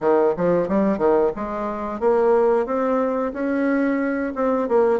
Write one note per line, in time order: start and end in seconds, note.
0.01 0.34 D#3
0.36 0.68 F3
0.68 0.98 G3
0.98 1.31 D#3
1.35 1.99 G#3
1.99 2.65 A#3
2.65 3.32 C4
3.33 4.33 C#4
4.35 4.68 C4
4.68 4.99 A#3